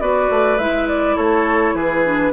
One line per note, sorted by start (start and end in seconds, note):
0.00 0.29 B3
0.00 0.59 F#4
0.00 1.17 B4
0.00 0.58 D5
0.30 0.59 A3
0.58 1.17 G#3
0.58 2.05 E4
0.58 0.88 E5
0.88 1.17 D5
1.17 1.74 A3
1.17 1.75 A4
1.17 1.76 C#5
1.74 2.32 E3
1.74 2.33 G#4
1.74 2.33 B4
2.05 2.33 D4